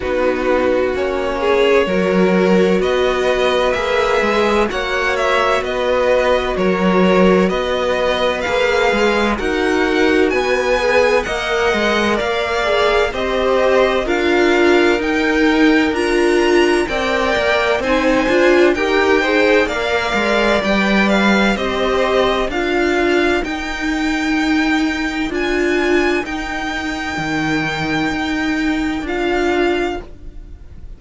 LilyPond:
<<
  \new Staff \with { instrumentName = "violin" } { \time 4/4 \tempo 4 = 64 b'4 cis''2 dis''4 | e''4 fis''8 e''8 dis''4 cis''4 | dis''4 f''4 fis''4 gis''4 | fis''4 f''4 dis''4 f''4 |
g''4 ais''4 g''4 gis''4 | g''4 f''4 g''8 f''8 dis''4 | f''4 g''2 gis''4 | g''2. f''4 | }
  \new Staff \with { instrumentName = "violin" } { \time 4/4 fis'4. gis'8 ais'4 b'4~ | b'4 cis''4 b'4 ais'4 | b'2 ais'4 b'4 | dis''4 d''4 c''4 ais'4~ |
ais'2 d''4 c''4 | ais'8 c''8 d''2 c''4 | ais'1~ | ais'1 | }
  \new Staff \with { instrumentName = "viola" } { \time 4/4 dis'4 cis'4 fis'2 | gis'4 fis'2.~ | fis'4 gis'4 fis'4. gis'8 | ais'4. gis'8 g'4 f'4 |
dis'4 f'4 ais'4 dis'8 f'8 | g'8 gis'8 ais'4 b'4 g'4 | f'4 dis'2 f'4 | dis'2. f'4 | }
  \new Staff \with { instrumentName = "cello" } { \time 4/4 b4 ais4 fis4 b4 | ais8 gis8 ais4 b4 fis4 | b4 ais8 gis8 dis'4 b4 | ais8 gis8 ais4 c'4 d'4 |
dis'4 d'4 c'8 ais8 c'8 d'8 | dis'4 ais8 gis8 g4 c'4 | d'4 dis'2 d'4 | dis'4 dis4 dis'4 d'4 | }
>>